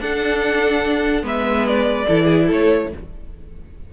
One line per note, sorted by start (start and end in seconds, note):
0.00 1.23 D4
0.00 1.24 A4
0.00 1.25 F#5
1.23 2.06 G#3
1.23 2.06 B3
1.23 2.07 B4
1.23 1.67 E5
1.67 2.50 D5
2.08 2.51 E3
2.08 2.91 E4
2.08 2.25 A4
2.25 2.46 G#4
2.47 2.93 A3
2.47 2.89 A4
2.47 2.94 C#5